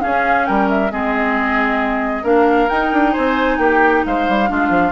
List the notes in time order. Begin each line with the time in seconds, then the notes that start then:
0.00 C#4 G#4 F5
0.46 G3 A#4 G5
0.69 E5
0.91 G#3 C4 G#4 D#5
2.23 A#3 D4 A#4 F5
2.68 D#4 G5
2.92 D4
3.12 C4 C5 G#5
3.58 A#3 G4 G5
4.05 G#3 C5 F5
4.28 G3
4.47 G#3 D4 F4
4.69 F3